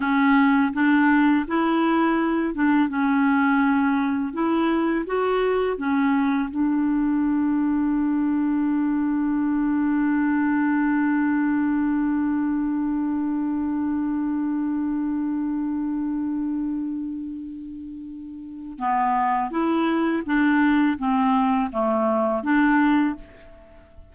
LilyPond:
\new Staff \with { instrumentName = "clarinet" } { \time 4/4 \tempo 4 = 83 cis'4 d'4 e'4. d'8 | cis'2 e'4 fis'4 | cis'4 d'2.~ | d'1~ |
d'1~ | d'1~ | d'2 b4 e'4 | d'4 c'4 a4 d'4 | }